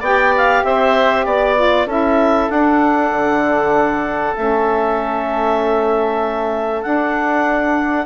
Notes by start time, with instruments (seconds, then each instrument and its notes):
0.00 bassoon B3, saxophone G4, oboe D5, clarinet G5
0.37 clarinet F5
0.64 bassoon C4, oboe C5, clarinet E5
1.25 bassoon B3, oboe D5, clarinet D5
1.56 saxophone F4
1.86 bassoon C#4, saxophone E4, oboe A4, clarinet E5
2.49 saxophone D4, bassoon D4, clarinet F#5
3.11 bassoon D3
4.36 bassoon A3, saxophone C#4, clarinet E5
6.82 saxophone D4, bassoon D4, clarinet F#5